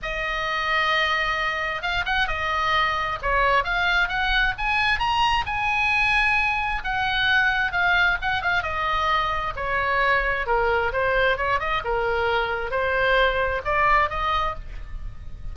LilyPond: \new Staff \with { instrumentName = "oboe" } { \time 4/4 \tempo 4 = 132 dis''1 | f''8 fis''8 dis''2 cis''4 | f''4 fis''4 gis''4 ais''4 | gis''2. fis''4~ |
fis''4 f''4 fis''8 f''8 dis''4~ | dis''4 cis''2 ais'4 | c''4 cis''8 dis''8 ais'2 | c''2 d''4 dis''4 | }